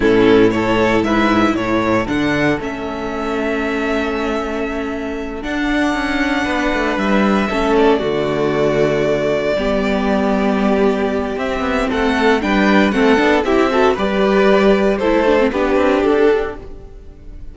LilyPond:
<<
  \new Staff \with { instrumentName = "violin" } { \time 4/4 \tempo 4 = 116 a'4 cis''4 e''4 cis''4 | fis''4 e''2.~ | e''2~ e''8 fis''4.~ | fis''4. e''4. d''4~ |
d''1~ | d''2 e''4 fis''4 | g''4 fis''4 e''4 d''4~ | d''4 c''4 b'4 a'4 | }
  \new Staff \with { instrumentName = "violin" } { \time 4/4 e'4 a'4 b'4 a'4~ | a'1~ | a'1~ | a'8 b'2 a'4 fis'8~ |
fis'2~ fis'8 g'4.~ | g'2. a'4 | b'4 a'4 g'8 a'8 b'4~ | b'4 a'4 g'2 | }
  \new Staff \with { instrumentName = "viola" } { \time 4/4 cis'4 e'2. | d'4 cis'2.~ | cis'2~ cis'8 d'4.~ | d'2~ d'8 cis'4 a8~ |
a2~ a8 b4.~ | b2 c'2 | d'4 c'8 d'8 e'8 fis'8 g'4~ | g'4 e'8 d'16 c'16 d'2 | }
  \new Staff \with { instrumentName = "cello" } { \time 4/4 a,2 gis,4 a,4 | d4 a2.~ | a2~ a8 d'4 cis'8~ | cis'8 b8 a8 g4 a4 d8~ |
d2~ d8 g4.~ | g2 c'8 b8 a4 | g4 a8 b8 c'4 g4~ | g4 a4 b8 c'8 d'4 | }
>>